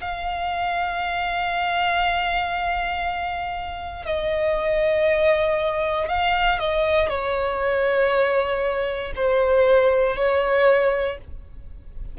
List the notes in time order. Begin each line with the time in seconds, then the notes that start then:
0.00 F5
4.05 D#5
6.08 F5
6.59 D#5
7.09 C#5
9.16 C5
10.16 C#5